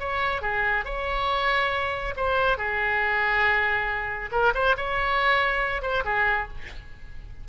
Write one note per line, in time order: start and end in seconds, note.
0.00 0.42 C#5
0.42 0.85 G#4
0.85 2.14 C#5
2.17 2.58 C5
2.58 4.30 G#4
4.32 4.53 A#4
4.55 4.76 C5
4.77 5.82 C#5
5.82 6.04 C5
6.05 6.48 G#4